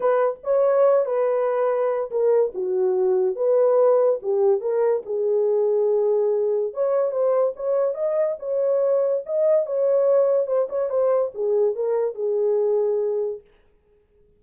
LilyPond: \new Staff \with { instrumentName = "horn" } { \time 4/4 \tempo 4 = 143 b'4 cis''4. b'4.~ | b'4 ais'4 fis'2 | b'2 g'4 ais'4 | gis'1 |
cis''4 c''4 cis''4 dis''4 | cis''2 dis''4 cis''4~ | cis''4 c''8 cis''8 c''4 gis'4 | ais'4 gis'2. | }